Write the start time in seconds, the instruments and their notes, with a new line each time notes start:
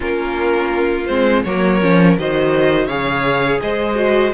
0.00 cello A#3, viola C#4, violin F4 A#4
1.06 cello G#3, viola C4, violin C5
1.43 cello F#3, viola A#3, violin A#4 C#5
1.81 cello F3, viola C#4
2.18 cello D#3, viola F#4, violin C5 D#5
2.86 cello C#3, viola G#4, violin C#5 F5
3.61 cello G#3, violin C5 D#5
3.95 viola F#4